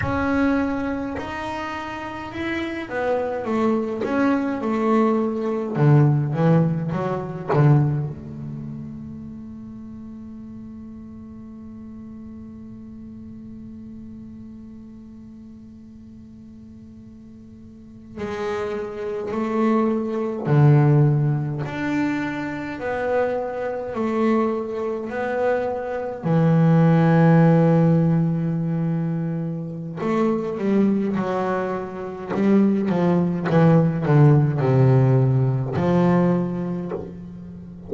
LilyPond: \new Staff \with { instrumentName = "double bass" } { \time 4/4 \tempo 4 = 52 cis'4 dis'4 e'8 b8 a8 cis'8 | a4 d8 e8 fis8 d8 a4~ | a1~ | a2.~ a8. gis16~ |
gis8. a4 d4 d'4 b16~ | b8. a4 b4 e4~ e16~ | e2 a8 g8 fis4 | g8 f8 e8 d8 c4 f4 | }